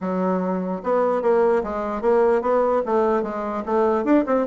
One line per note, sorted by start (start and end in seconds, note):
0.01 0.82 F#3
0.83 1.22 B3
1.22 1.62 A#3
1.63 2.01 G#3
2.01 2.41 A#3
2.41 2.82 B3
2.85 3.22 A3
3.22 3.63 G#3
3.65 4.04 A3
4.04 4.24 D4
4.26 4.46 C4